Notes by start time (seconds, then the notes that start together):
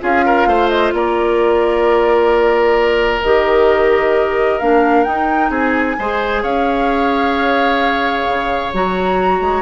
0.00 C#4 F4 G#4 F5
0.25 A#4
0.46 A3 C5
0.69 D#5
0.93 A#3 A#4 D5
3.22 D#3 G4 D#5
4.58 A#3 D4 F5
5.04 D#4 G5
5.50 C4 G#4 G#5
5.98 G#3 G#4 C5
6.43 C#4 C#5 F5
8.27 C#3
8.73 F#3 F#4 A#5
9.40 G#3